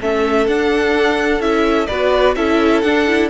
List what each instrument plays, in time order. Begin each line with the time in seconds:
0.00 cello A3, viola C#4, violin A4 E5
0.47 cello D4, viola D4, violin F#5
1.40 cello C#4, viola E4, violin E5
1.87 cello B3, viola F#4, violin B4 D5
2.35 cello C#4, viola E4, violin A4 E5
2.81 cello D4, viola D4, violin F#5
3.07 viola E4